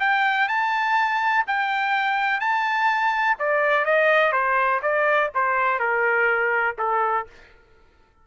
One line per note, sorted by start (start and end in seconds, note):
0.00 0.48 G5
0.49 1.45 A5
1.47 2.40 G5
2.40 3.37 A5
3.39 3.85 D5
3.85 4.32 D#5
4.32 4.81 C5
4.83 5.31 D5
5.35 5.80 C5
5.80 6.77 A#4
6.79 7.27 A4